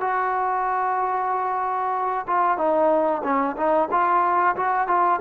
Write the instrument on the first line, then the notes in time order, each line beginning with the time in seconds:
trombone
0.00 F#4
2.27 F4
2.57 D#4
3.23 C#4
3.56 D#4
3.91 F4
4.55 F#4
4.87 F4